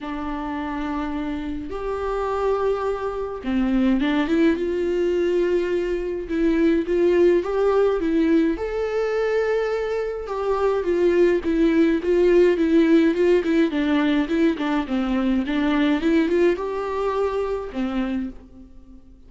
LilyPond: \new Staff \with { instrumentName = "viola" } { \time 4/4 \tempo 4 = 105 d'2. g'4~ | g'2 c'4 d'8 e'8 | f'2. e'4 | f'4 g'4 e'4 a'4~ |
a'2 g'4 f'4 | e'4 f'4 e'4 f'8 e'8 | d'4 e'8 d'8 c'4 d'4 | e'8 f'8 g'2 c'4 | }